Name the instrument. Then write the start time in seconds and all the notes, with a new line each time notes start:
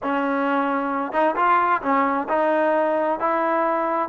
trombone
0.02 C#4
1.12 D#4
1.36 F4
1.82 C#4
2.28 D#4
3.19 E4